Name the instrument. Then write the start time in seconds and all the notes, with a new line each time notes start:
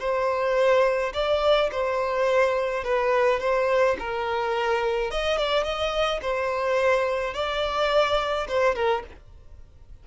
violin
0.00 C5
1.14 D5
1.72 C5
2.84 B4
3.40 C5
4.00 A#4
5.11 D#5
5.38 D5
5.64 D#5
6.22 C5
7.35 D5
8.49 C5
8.76 A#4